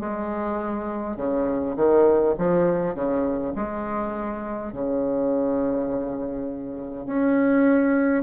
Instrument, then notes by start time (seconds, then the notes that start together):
bassoon
0.00 G#3
1.17 C#3
1.76 D#3
2.39 F3
2.95 C#3
3.55 G#3
4.72 C#3
7.06 C#4